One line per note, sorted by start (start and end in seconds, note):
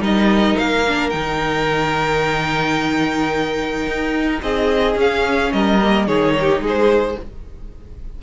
0.00 0.55 G3
0.00 0.83 D#4
0.00 4.42 A#4
0.00 0.58 D#5
0.58 1.14 A#3
0.58 1.10 F5
0.88 1.12 D4
1.10 3.87 D#3
1.10 4.97 D#4
1.10 4.40 G5
3.87 4.42 D#4
4.42 4.96 C4
4.42 5.54 G#4
4.42 4.97 D#5
4.96 5.51 C#4
4.96 5.80 C#4
4.96 5.53 F5
5.53 6.08 G3
5.53 6.08 A#4
5.53 6.07 D#5
5.82 6.08 A#3
6.07 6.60 D#3
6.07 7.18 D#4
6.07 6.35 G#4
6.07 6.62 C#5
6.40 6.62 G4
6.60 7.15 G#3
6.60 7.18 G#4
6.68 7.23 C5